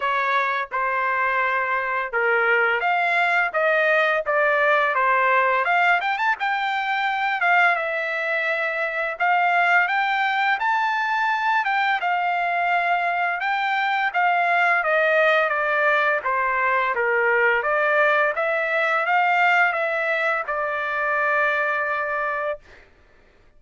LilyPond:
\new Staff \with { instrumentName = "trumpet" } { \time 4/4 \tempo 4 = 85 cis''4 c''2 ais'4 | f''4 dis''4 d''4 c''4 | f''8 g''16 a''16 g''4. f''8 e''4~ | e''4 f''4 g''4 a''4~ |
a''8 g''8 f''2 g''4 | f''4 dis''4 d''4 c''4 | ais'4 d''4 e''4 f''4 | e''4 d''2. | }